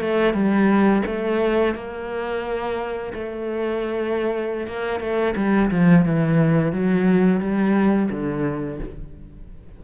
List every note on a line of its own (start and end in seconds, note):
0.00 0.33 A3
0.33 1.02 G3
1.06 1.74 A3
1.74 3.12 A#3
3.13 4.67 A3
4.67 5.00 A#3
5.00 5.34 A3
5.36 5.70 G3
5.71 6.05 F3
6.05 6.72 E3
6.72 7.40 F#3
7.40 8.09 G3
8.10 8.79 D3